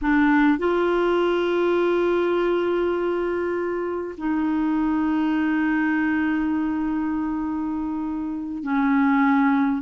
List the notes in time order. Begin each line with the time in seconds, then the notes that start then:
0.01 D4
0.58 F4
4.17 D#4
8.63 C#4